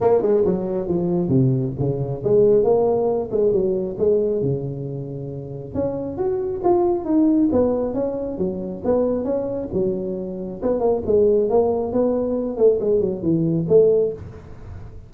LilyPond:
\new Staff \with { instrumentName = "tuba" } { \time 4/4 \tempo 4 = 136 ais8 gis8 fis4 f4 c4 | cis4 gis4 ais4. gis8 | fis4 gis4 cis2~ | cis4 cis'4 fis'4 f'4 |
dis'4 b4 cis'4 fis4 | b4 cis'4 fis2 | b8 ais8 gis4 ais4 b4~ | b8 a8 gis8 fis8 e4 a4 | }